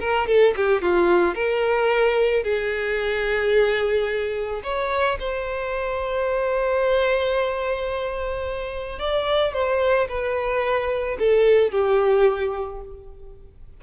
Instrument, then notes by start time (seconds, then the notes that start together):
violin
0.00 A#4
0.28 A4
0.57 G4
0.82 F4
1.35 A#4
2.44 G#4
4.64 C#5
5.20 C5
9.00 D5
9.54 C5
10.09 B4
11.19 A4
11.72 G4